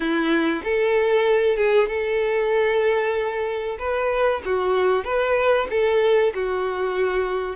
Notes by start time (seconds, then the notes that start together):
0.00 E4
0.64 A4
1.56 G#4
1.88 A4
3.79 B4
4.45 F#4
5.04 B4
5.70 A4
6.34 F#4